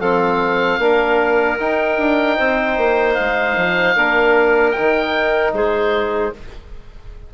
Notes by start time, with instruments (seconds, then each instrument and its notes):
0.00 bassoon F3, trombone C4, clarinet A4, oboe F5
0.78 bassoon A#3, trombone D4, clarinet A#4
1.59 trombone D#4, bassoon D#4, oboe G5
1.98 bassoon D4
2.37 bassoon C4, clarinet C5
2.77 bassoon A#3
3.14 bassoon G#3, oboe F5
3.57 bassoon F3
3.96 bassoon A#3, trombone D4, clarinet A#4
4.71 trombone D#4, oboe G5
4.79 bassoon D#3
5.53 bassoon G#3, clarinet G#4, oboe C5